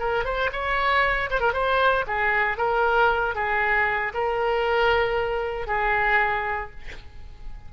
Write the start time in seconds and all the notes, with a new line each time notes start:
0.00 A#4
0.25 C5
0.53 C#5
1.31 C5
1.41 A#4
1.54 C5
2.08 G#4
2.58 A#4
3.36 G#4
4.14 A#4
5.68 G#4